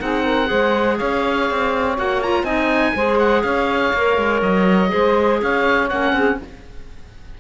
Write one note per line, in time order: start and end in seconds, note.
0.00 0.51 C4
0.00 0.46 D#4
0.00 0.25 G#4
0.00 0.99 F#5
0.25 0.49 A#4
0.46 1.01 G#3
0.46 1.94 G#4
0.46 0.98 C5
0.98 1.51 C#4
0.98 2.44 C#5
0.98 1.97 F5
1.51 1.99 C4
1.98 2.43 A#3
1.98 2.22 F#4
1.98 2.23 F#5
2.23 2.46 F4
2.23 2.45 A#5
2.43 2.93 C4
2.43 2.95 D#4
2.43 2.93 D#5
2.43 3.19 G#5
2.95 3.44 G#3
2.95 3.95 G#4
2.95 3.44 C5
3.19 3.43 F#5
3.43 3.93 C#4
3.43 4.92 C#5
3.43 4.41 F5
3.94 4.18 A#3
3.94 4.89 A#4
4.18 4.42 G#3
4.42 4.91 F#3
4.42 5.41 D#5
4.89 5.42 G#3
4.89 5.88 G#4
4.89 5.41 C5
5.42 5.91 C#4
5.42 6.15 C#5
5.42 5.89 F5
5.89 6.13 A#3
5.89 6.41 C#4
5.89 6.39 F#5
6.13 6.38 C4
6.13 6.40 G#4